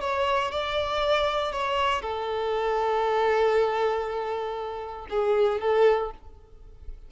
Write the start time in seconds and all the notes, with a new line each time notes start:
0.00 C#5
0.51 D5
1.52 C#5
2.01 A4
5.10 G#4
5.60 A4